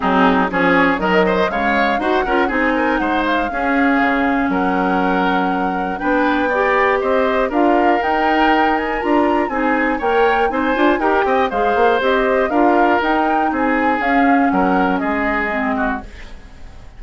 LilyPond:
<<
  \new Staff \with { instrumentName = "flute" } { \time 4/4 \tempo 4 = 120 gis'4 cis''4 dis''4 f''4 | fis''4 gis''4 fis''8 f''4.~ | f''4 fis''2. | g''2 dis''4 f''4 |
g''4. gis''8 ais''4 gis''4 | g''4 gis''4 g''4 f''4 | dis''4 f''4 g''4 gis''4 | f''4 fis''4 dis''2 | }
  \new Staff \with { instrumentName = "oboe" } { \time 4/4 dis'4 gis'4 ais'8 c''8 cis''4 | c''8 ais'8 gis'8 ais'8 c''4 gis'4~ | gis'4 ais'2. | b'4 d''4 c''4 ais'4~ |
ais'2. gis'4 | cis''4 c''4 ais'8 dis''8 c''4~ | c''4 ais'2 gis'4~ | gis'4 ais'4 gis'4. fis'8 | }
  \new Staff \with { instrumentName = "clarinet" } { \time 4/4 c'4 cis'4 fis4 gis4 | fis'8 f'8 dis'2 cis'4~ | cis'1 | d'4 g'2 f'4 |
dis'2 f'4 dis'4 | ais'4 dis'8 f'8 g'4 gis'4 | g'4 f'4 dis'2 | cis'2. c'4 | }
  \new Staff \with { instrumentName = "bassoon" } { \time 4/4 fis4 f4 dis4 cis4 | dis'8 cis'8 c'4 gis4 cis'4 | cis4 fis2. | b2 c'4 d'4 |
dis'2 d'4 c'4 | ais4 c'8 d'8 dis'8 c'8 gis8 ais8 | c'4 d'4 dis'4 c'4 | cis'4 fis4 gis2 | }
>>